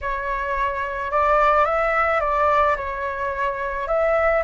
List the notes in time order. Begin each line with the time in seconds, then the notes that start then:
0.01 C#5
1.11 D5
1.65 E5
2.20 D5
2.76 C#5
3.87 E5